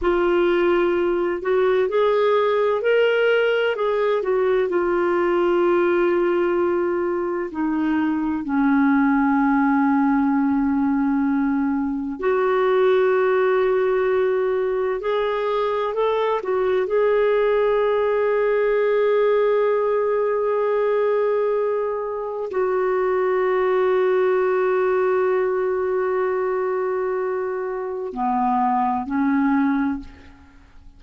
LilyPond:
\new Staff \with { instrumentName = "clarinet" } { \time 4/4 \tempo 4 = 64 f'4. fis'8 gis'4 ais'4 | gis'8 fis'8 f'2. | dis'4 cis'2.~ | cis'4 fis'2. |
gis'4 a'8 fis'8 gis'2~ | gis'1 | fis'1~ | fis'2 b4 cis'4 | }